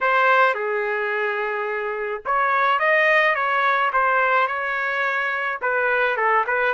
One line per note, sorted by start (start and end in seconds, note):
0.01 0.54 C5
0.54 2.22 G#4
2.25 2.79 C#5
2.79 3.35 D#5
3.35 3.91 C#5
3.92 4.47 C5
4.47 5.59 C#5
5.61 6.16 B4
6.16 6.44 A4
6.46 6.73 B4